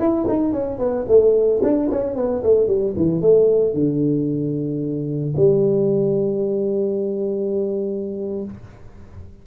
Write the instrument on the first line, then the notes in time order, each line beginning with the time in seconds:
tuba
0.00 E4
0.28 D#4
0.53 C#4
0.79 B3
1.08 A3
1.63 D4
1.91 C#4
2.16 B3
2.44 A3
2.67 G3
2.97 E3
3.21 A3
3.74 D3
5.37 G3